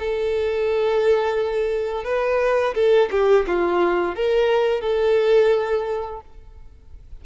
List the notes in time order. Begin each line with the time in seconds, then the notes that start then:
0.00 A4
2.05 B4
2.75 A4
3.11 G4
3.47 F4
4.16 A#4
4.81 A4